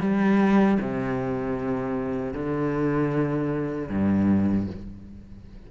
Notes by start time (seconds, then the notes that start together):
0.00 G3
0.80 C3
2.33 D3
3.89 G2